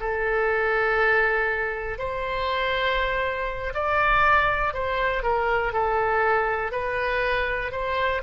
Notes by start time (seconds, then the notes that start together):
0.00 A4
1.99 C5
3.74 D5
4.74 C5
5.23 A#4
5.73 A4
6.72 B4
7.72 C5